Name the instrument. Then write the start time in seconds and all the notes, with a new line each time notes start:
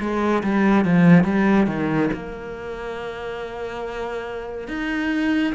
cello
0.00 G#3
0.43 G3
0.85 F3
1.24 G3
1.67 D#3
2.13 A#3
4.68 D#4